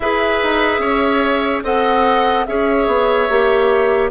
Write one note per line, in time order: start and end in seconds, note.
0.00 0.40 E4
0.00 1.64 G#4
0.00 0.80 B4
0.00 1.62 E5
0.42 0.79 D#4
0.79 1.61 C#4
0.79 1.63 C#5
1.63 2.46 C4
1.63 2.46 A4
1.63 2.46 D#5
1.63 2.45 F#5
2.45 2.87 C#4
2.45 3.29 G#4
2.45 4.10 C#5
2.45 4.10 E5
2.87 3.28 B3
3.29 4.10 A#3
3.29 4.10 G4